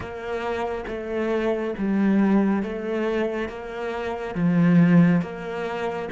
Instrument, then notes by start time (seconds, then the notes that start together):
cello
0.00 A#3
0.87 A3
1.78 G3
2.62 A3
3.48 A#3
4.34 F3
5.21 A#3